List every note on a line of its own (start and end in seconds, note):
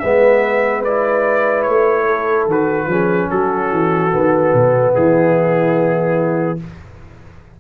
0.00 1.68 G#3
0.00 0.86 B3
0.00 2.06 B4
0.00 0.82 E5
0.84 2.50 E4
0.84 1.63 D5
1.63 2.46 A3
1.63 2.45 C#5
2.06 2.88 A4
2.46 2.86 D#3
2.46 2.90 F#4
2.46 3.30 B4
2.86 3.27 F3
2.86 4.11 C#4
2.86 3.29 G#4
3.29 3.71 F#3
3.29 4.93 F#4
3.29 4.95 A4
3.71 4.12 E3
4.11 4.54 D#3
4.11 6.57 B3
4.54 4.95 B2
4.93 6.60 E3
4.93 6.57 E4
4.93 6.59 G#4